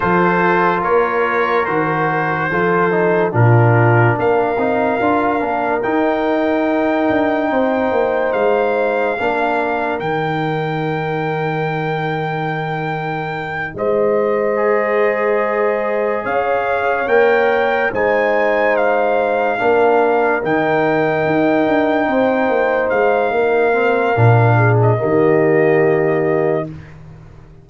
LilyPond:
<<
  \new Staff \with { instrumentName = "trumpet" } { \time 4/4 \tempo 4 = 72 c''4 cis''4 c''2 | ais'4 f''2 g''4~ | g''2 f''2 | g''1~ |
g''8 dis''2. f''8~ | f''8 g''4 gis''4 f''4.~ | f''8 g''2. f''8~ | f''4.~ f''16 dis''2~ dis''16 | }
  \new Staff \with { instrumentName = "horn" } { \time 4/4 a'4 ais'2 a'4 | f'4 ais'2.~ | ais'4 c''2 ais'4~ | ais'1~ |
ais'8 c''2. cis''8~ | cis''4. c''2 ais'8~ | ais'2~ ais'8 c''4. | ais'4. gis'8 g'2 | }
  \new Staff \with { instrumentName = "trombone" } { \time 4/4 f'2 fis'4 f'8 dis'8 | d'4. dis'8 f'8 d'8 dis'4~ | dis'2. d'4 | dis'1~ |
dis'4. gis'2~ gis'8~ | gis'8 ais'4 dis'2 d'8~ | d'8 dis'2.~ dis'8~ | dis'8 c'8 d'4 ais2 | }
  \new Staff \with { instrumentName = "tuba" } { \time 4/4 f4 ais4 dis4 f4 | ais,4 ais8 c'8 d'8 ais8 dis'4~ | dis'8 d'8 c'8 ais8 gis4 ais4 | dis1~ |
dis8 gis2. cis'8~ | cis'8 ais4 gis2 ais8~ | ais8 dis4 dis'8 d'8 c'8 ais8 gis8 | ais4 ais,4 dis2 | }
>>